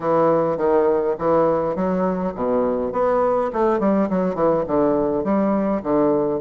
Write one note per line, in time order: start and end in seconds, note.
0.00 0.57 E3
0.57 1.15 D#3
1.18 1.75 E3
1.75 2.33 F#3
2.34 2.92 B2
2.92 3.50 B3
3.52 3.79 A3
3.79 4.09 G3
4.09 4.35 F#3
4.35 4.64 E3
4.67 5.23 D3
5.23 5.82 G3
5.83 6.41 D3